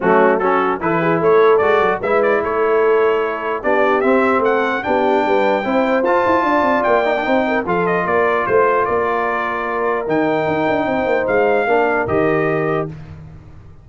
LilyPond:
<<
  \new Staff \with { instrumentName = "trumpet" } { \time 4/4 \tempo 4 = 149 fis'4 a'4 b'4 cis''4 | d''4 e''8 d''8 cis''2~ | cis''4 d''4 e''4 fis''4 | g''2. a''4~ |
a''4 g''2 f''8 dis''8 | d''4 c''4 d''2~ | d''4 g''2. | f''2 dis''2 | }
  \new Staff \with { instrumentName = "horn" } { \time 4/4 cis'4 fis'4 a'8 gis'8 a'4~ | a'4 b'4 a'2~ | a'4 g'2 a'4 | g'4 b'4 c''2 |
d''2 c''8 ais'8 a'4 | ais'4 c''4 ais'2~ | ais'2. c''4~ | c''4 ais'2. | }
  \new Staff \with { instrumentName = "trombone" } { \time 4/4 a4 cis'4 e'2 | fis'4 e'2.~ | e'4 d'4 c'2 | d'2 e'4 f'4~ |
f'4. dis'16 d'16 dis'4 f'4~ | f'1~ | f'4 dis'2.~ | dis'4 d'4 g'2 | }
  \new Staff \with { instrumentName = "tuba" } { \time 4/4 fis2 e4 a4 | gis8 fis8 gis4 a2~ | a4 b4 c'4 a4 | b4 g4 c'4 f'8 e'8 |
d'8 c'8 ais4 c'4 f4 | ais4 a4 ais2~ | ais4 dis4 dis'8 d'8 c'8 ais8 | gis4 ais4 dis2 | }
>>